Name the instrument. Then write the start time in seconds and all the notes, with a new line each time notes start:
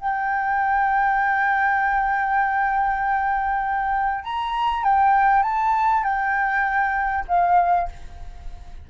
flute
0.00 G5
4.24 A#5
4.84 G5
5.43 A5
6.04 G5
7.28 F5